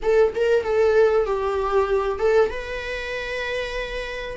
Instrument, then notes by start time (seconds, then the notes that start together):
viola
0.02 A4
0.35 A#4
0.63 A4
1.26 G4
2.19 A4
2.49 B4